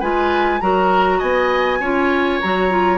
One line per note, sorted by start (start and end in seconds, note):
0.00 0.61 G#3
0.00 0.61 F4
0.00 0.60 B4
0.00 0.61 G#5
0.61 1.21 F#3
0.61 1.81 F#4
0.61 1.18 A#4
0.61 1.20 A#5
1.18 1.80 B3
1.18 1.78 D#5
1.18 2.40 G#5
1.80 2.40 C#4
1.80 2.43 F4
1.80 2.98 C#5
2.41 2.98 F#3
2.41 2.70 F#4
2.41 2.98 A#5
2.70 2.98 F4